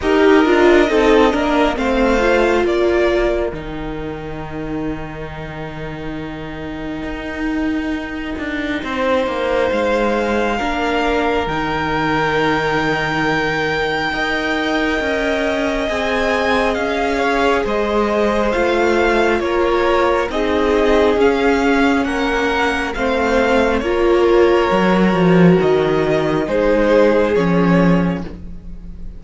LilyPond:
<<
  \new Staff \with { instrumentName = "violin" } { \time 4/4 \tempo 4 = 68 dis''2 f''4 d''4 | g''1~ | g''2. f''4~ | f''4 g''2.~ |
g''2 gis''4 f''4 | dis''4 f''4 cis''4 dis''4 | f''4 fis''4 f''4 cis''4~ | cis''4 dis''4 c''4 cis''4 | }
  \new Staff \with { instrumentName = "violin" } { \time 4/4 ais'4 a'8 ais'8 c''4 ais'4~ | ais'1~ | ais'2 c''2 | ais'1 |
dis''2.~ dis''8 cis''8 | c''2 ais'4 gis'4~ | gis'4 ais'4 c''4 ais'4~ | ais'2 gis'2 | }
  \new Staff \with { instrumentName = "viola" } { \time 4/4 g'8 f'8 dis'8 d'8 c'8 f'4. | dis'1~ | dis'1 | d'4 dis'2. |
ais'2 gis'2~ | gis'4 f'2 dis'4 | cis'2 c'4 f'4 | fis'2 dis'4 cis'4 | }
  \new Staff \with { instrumentName = "cello" } { \time 4/4 dis'8 d'8 c'8 ais8 a4 ais4 | dis1 | dis'4. d'8 c'8 ais8 gis4 | ais4 dis2. |
dis'4 cis'4 c'4 cis'4 | gis4 a4 ais4 c'4 | cis'4 ais4 a4 ais4 | fis8 f8 dis4 gis4 f4 | }
>>